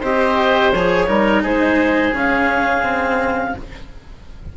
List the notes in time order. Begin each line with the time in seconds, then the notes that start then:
0.00 C4 G4 C5 D#5
0.72 F3 G#4 C#5
1.07 G3 D#4 A#4
1.42 G#3 G#4 C5
2.12 C#3 C#4 F5
2.83 C4